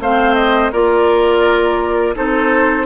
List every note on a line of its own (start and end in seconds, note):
0.00 0.71 A3
0.00 0.73 C4
0.00 0.72 C5
0.00 0.35 F5
0.35 0.71 D#5
0.72 2.16 A#3
0.72 2.15 F4
0.72 2.15 A#4
0.72 2.15 D5
2.15 2.86 C4
2.15 2.86 D#4
2.15 2.86 A4
2.15 2.86 C5